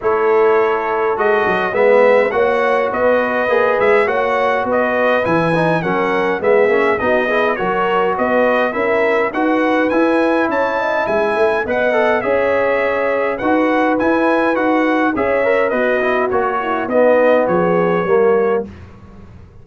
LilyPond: <<
  \new Staff \with { instrumentName = "trumpet" } { \time 4/4 \tempo 4 = 103 cis''2 dis''4 e''4 | fis''4 dis''4. e''8 fis''4 | dis''4 gis''4 fis''4 e''4 | dis''4 cis''4 dis''4 e''4 |
fis''4 gis''4 a''4 gis''4 | fis''4 e''2 fis''4 | gis''4 fis''4 e''4 dis''4 | cis''4 dis''4 cis''2 | }
  \new Staff \with { instrumentName = "horn" } { \time 4/4 a'2. b'4 | cis''4 b'2 cis''4 | b'2 ais'4 gis'4 | fis'8 gis'8 ais'4 b'4 ais'4 |
b'2 cis''8 dis''8 e''4 | dis''4 cis''2 b'4~ | b'2 cis''4 fis'4~ | fis'8 e'8 dis'4 gis'4 ais'4 | }
  \new Staff \with { instrumentName = "trombone" } { \time 4/4 e'2 fis'4 b4 | fis'2 gis'4 fis'4~ | fis'4 e'8 dis'8 cis'4 b8 cis'8 | dis'8 e'8 fis'2 e'4 |
fis'4 e'2. | b'8 a'8 gis'2 fis'4 | e'4 fis'4 gis'8 ais'8 b'8 e'8 | fis'4 b2 ais4 | }
  \new Staff \with { instrumentName = "tuba" } { \time 4/4 a2 gis8 fis8 gis4 | ais4 b4 ais8 gis8 ais4 | b4 e4 fis4 gis8 ais8 | b4 fis4 b4 cis'4 |
dis'4 e'4 cis'4 gis8 a8 | b4 cis'2 dis'4 | e'4 dis'4 cis'4 b4 | ais4 b4 f4 g4 | }
>>